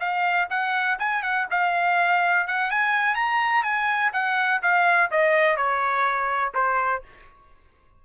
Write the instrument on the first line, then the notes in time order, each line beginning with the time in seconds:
trumpet
0.00 F5
0.50 F#5
0.99 G#5
1.23 F#5
1.51 F5
2.47 F#5
2.71 G#5
3.15 A#5
3.64 G#5
4.13 F#5
4.63 F5
5.11 D#5
5.57 C#5
6.54 C5